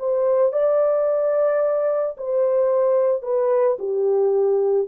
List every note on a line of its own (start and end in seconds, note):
0.00 0.53 C5
0.53 2.17 D5
2.18 3.23 C5
3.23 3.77 B4
3.79 4.88 G4